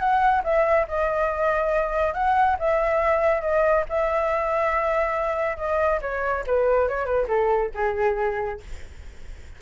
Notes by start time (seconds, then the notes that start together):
0.00 F#5
0.44 E5
0.88 D#5
2.14 F#5
2.59 E5
3.42 D#5
3.89 E5
5.58 D#5
6.02 C#5
6.47 B4
6.89 C#5
7.06 B4
7.28 A4
7.75 G#4